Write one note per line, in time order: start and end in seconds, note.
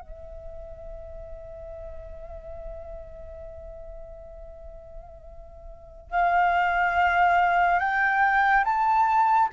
0.00 6.10 E5
6.10 7.79 F5
7.79 8.64 G5
8.64 9.49 A5